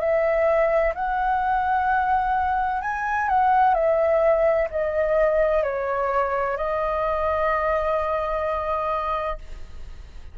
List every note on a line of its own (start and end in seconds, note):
0.00 0.94 E5
0.95 2.82 F#5
2.82 3.29 G#5
3.29 3.75 F#5
3.75 4.68 E5
4.70 5.63 D#5
5.63 6.57 C#5
6.57 9.38 D#5